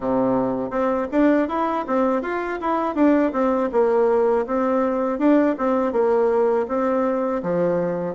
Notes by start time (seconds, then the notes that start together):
0.00 C3
0.70 C4
1.11 D4
1.48 E4
1.87 C4
2.22 F4
2.61 E4
2.95 D4
3.32 C4
3.72 A#3
4.46 C4
5.18 D4
5.58 C4
5.92 A#3
6.67 C4
7.42 F3